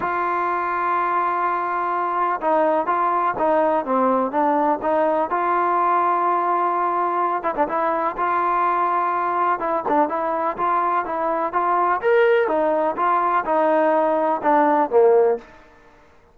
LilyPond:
\new Staff \with { instrumentName = "trombone" } { \time 4/4 \tempo 4 = 125 f'1~ | f'4 dis'4 f'4 dis'4 | c'4 d'4 dis'4 f'4~ | f'2.~ f'8 e'16 d'16 |
e'4 f'2. | e'8 d'8 e'4 f'4 e'4 | f'4 ais'4 dis'4 f'4 | dis'2 d'4 ais4 | }